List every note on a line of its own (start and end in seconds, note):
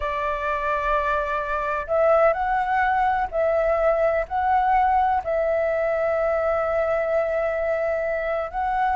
0.00 1.86 D5
1.87 2.33 E5
2.33 3.27 F#5
3.31 4.25 E5
4.28 5.22 F#5
5.24 8.51 E5
8.51 8.95 F#5